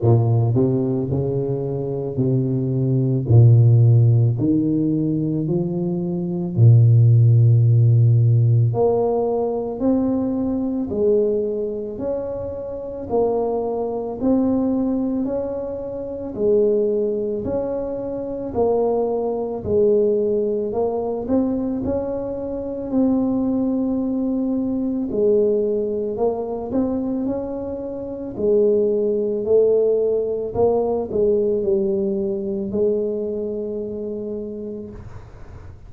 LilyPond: \new Staff \with { instrumentName = "tuba" } { \time 4/4 \tempo 4 = 55 ais,8 c8 cis4 c4 ais,4 | dis4 f4 ais,2 | ais4 c'4 gis4 cis'4 | ais4 c'4 cis'4 gis4 |
cis'4 ais4 gis4 ais8 c'8 | cis'4 c'2 gis4 | ais8 c'8 cis'4 gis4 a4 | ais8 gis8 g4 gis2 | }